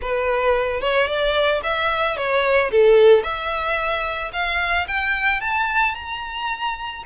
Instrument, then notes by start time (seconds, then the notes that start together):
violin
0.01 B4
0.80 C#5
1.07 D5
1.63 E5
2.16 C#5
2.71 A4
3.23 E5
4.32 F5
4.87 G5
5.40 A5
5.95 A#5